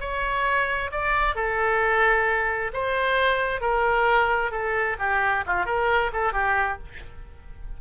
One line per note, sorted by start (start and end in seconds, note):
0.00 0.91 C#5
0.92 1.35 D5
1.35 2.72 A4
2.73 3.61 C5
3.61 4.51 A#4
4.51 4.97 A4
4.99 5.44 G4
5.47 5.66 F4
5.66 6.11 A#4
6.13 6.33 A4
6.33 6.78 G4